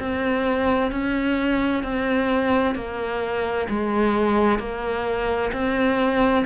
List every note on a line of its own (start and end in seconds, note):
0.00 0.92 C4
0.92 1.84 C#4
1.84 2.76 C4
2.76 3.68 A#3
3.70 4.59 G#3
4.59 5.52 A#3
5.53 6.45 C4